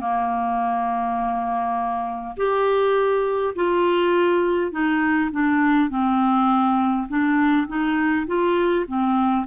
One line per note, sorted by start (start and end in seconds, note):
0.00 2.35 A#3
2.37 3.55 G4
3.55 4.72 F4
4.72 5.30 D#4
5.32 5.90 D4
5.90 7.07 C4
7.08 7.67 D4
7.67 8.26 D#4
8.27 8.86 F4
8.87 9.46 C4